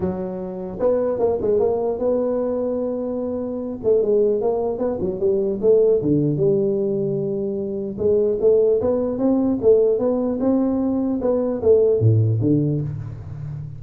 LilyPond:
\new Staff \with { instrumentName = "tuba" } { \time 4/4 \tempo 4 = 150 fis2 b4 ais8 gis8 | ais4 b2.~ | b4. a8 gis4 ais4 | b8 fis8 g4 a4 d4 |
g1 | gis4 a4 b4 c'4 | a4 b4 c'2 | b4 a4 a,4 d4 | }